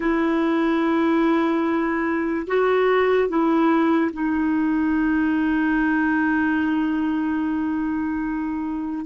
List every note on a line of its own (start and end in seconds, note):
0.00 2.47 E4
2.47 3.28 F#4
3.28 4.11 E4
4.12 9.05 D#4